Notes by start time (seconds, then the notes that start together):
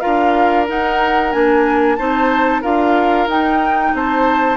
0.00 D4 F4 A#4 F5
0.68 D#4 F#5
1.32 A#3 D4 G#5
1.96 C4 D#4 C5 A5
2.62 D4 F4 A#4 F5
3.27 D#4 G5
3.93 C4 C5 A5